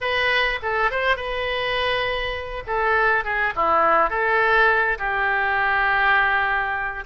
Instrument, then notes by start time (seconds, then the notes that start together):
oboe
0.00 B4
0.62 A4
0.90 C5
1.16 B4
2.67 A4
3.24 G#4
3.55 E4
4.10 A4
4.98 G4